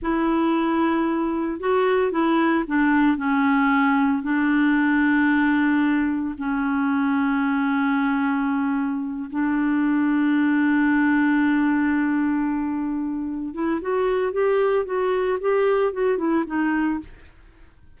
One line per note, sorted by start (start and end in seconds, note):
0.01 1.59 E4
1.59 2.11 F#4
2.11 2.64 E4
2.67 3.17 D4
3.17 4.22 C#4
4.22 6.35 D4
6.37 9.29 C#4
9.30 13.53 D4
13.53 13.80 E4
13.81 14.32 F#4
14.32 14.85 G4
14.85 15.38 F#4
15.40 15.93 G4
15.93 16.17 F#4
16.17 16.44 E4
16.46 16.99 D#4